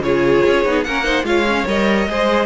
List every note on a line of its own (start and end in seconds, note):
0.00 0.41 C#3
0.00 0.65 F4
0.00 0.86 G#4
0.00 0.84 C#5
0.47 0.65 C#4
0.65 0.85 B3
0.65 0.86 D#4
0.84 1.23 A#3
0.84 1.04 C#4
0.84 1.05 A#4
0.84 1.25 F#5
1.04 1.24 D#4
1.04 1.25 C5
1.23 1.64 G#3
1.23 1.45 F4
1.23 2.09 C#5
1.23 1.67 F5
1.47 1.68 C#4
1.67 2.08 G3
1.67 2.09 A#4
1.67 2.46 D#5
2.08 2.46 G#3
2.08 2.46 G#4
2.08 2.46 C5